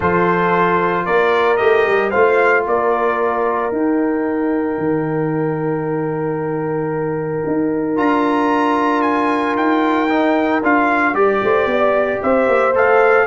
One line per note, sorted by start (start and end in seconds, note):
0.00 1.07 F3
0.00 1.57 F4
0.00 1.05 A4
0.00 1.05 C5
1.05 1.60 A#3
1.05 2.10 A#4
1.05 1.57 D5
1.57 1.86 A3
1.57 2.11 G4
1.57 2.10 D#5
1.86 2.12 G3
2.10 2.66 A3
2.10 3.72 F4
2.10 2.63 C5
2.10 2.63 F5
2.66 3.71 A#3
2.66 11.43 A#4
2.66 3.73 D5
3.71 4.78 D#4
3.71 7.96 D#4
3.71 7.97 G5
4.78 7.43 D#3
7.46 7.96 D#4
7.96 9.55 D4
7.96 10.08 F4
7.96 9.02 A#5
9.02 9.55 G#5
9.55 10.62 D#4
9.55 10.62 G5
10.09 10.62 D#4
10.62 11.13 D4
10.62 11.14 F4
10.62 11.14 F5
11.13 11.40 G3
11.13 12.73 G4
11.13 12.21 D5
11.42 11.66 A3
11.42 11.70 C5
11.66 12.19 B3
11.66 12.23 D5
12.22 12.47 C4
12.22 13.26 C5
12.22 12.75 E5
12.47 12.74 A#3
12.74 13.26 A3
12.74 13.26 A4
12.74 13.26 F5